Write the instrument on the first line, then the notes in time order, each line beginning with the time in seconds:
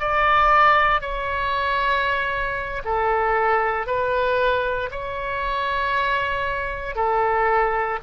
oboe
0.00 D5
1.01 C#5
2.85 A4
3.87 B4
4.91 C#5
6.95 A4